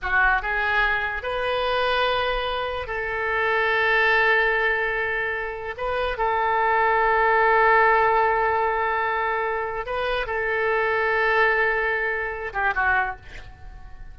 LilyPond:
\new Staff \with { instrumentName = "oboe" } { \time 4/4 \tempo 4 = 146 fis'4 gis'2 b'4~ | b'2. a'4~ | a'1~ | a'2 b'4 a'4~ |
a'1~ | a'1 | b'4 a'2.~ | a'2~ a'8 g'8 fis'4 | }